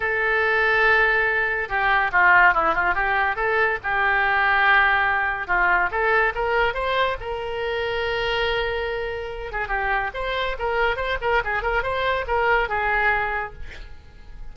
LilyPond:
\new Staff \with { instrumentName = "oboe" } { \time 4/4 \tempo 4 = 142 a'1 | g'4 f'4 e'8 f'8 g'4 | a'4 g'2.~ | g'4 f'4 a'4 ais'4 |
c''4 ais'2.~ | ais'2~ ais'8 gis'8 g'4 | c''4 ais'4 c''8 ais'8 gis'8 ais'8 | c''4 ais'4 gis'2 | }